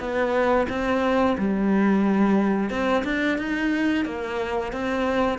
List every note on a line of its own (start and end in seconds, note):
0.00 0.67 B3
0.70 1.37 C4
1.39 2.70 G3
2.70 3.04 C4
3.05 3.38 D4
3.38 4.06 D#4
4.06 4.73 A#3
4.73 5.39 C4